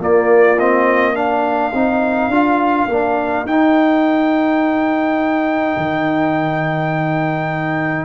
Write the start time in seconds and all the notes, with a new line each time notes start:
0.00 A#3 F4 D5
0.60 C4 D#5
1.14 D4 A#4 F5
1.74 C4 D#4
2.28 D4 F4
2.88 A#3 D4
3.45 D#4 G5
5.77 D#3